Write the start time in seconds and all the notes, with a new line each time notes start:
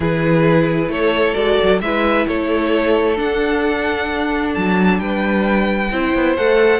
0.00 E3 E4 G#4 B4
0.88 A3 A4 C#5
1.34 G#3 F#4 D5
1.62 F#3
1.81 G#3 E4 B4 E5
2.27 A3 A4 C#5
3.16 D4 F#5
4.54 F#3 A5
4.99 G3 B4 G5
5.91 C4 E4 C5
6.14 B3
6.36 A3 A4 F#5